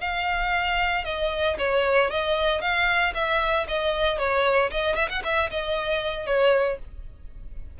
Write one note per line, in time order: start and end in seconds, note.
0.00 1.04 F5
1.04 1.57 D#5
1.58 2.10 C#5
2.10 2.61 D#5
2.61 3.13 F5
3.14 3.66 E5
3.68 4.18 D#5
4.18 4.70 C#5
4.70 4.95 D#5
4.95 5.08 E5
5.09 5.22 F#5
5.24 5.50 E5
5.50 6.26 D#5
6.26 6.78 C#5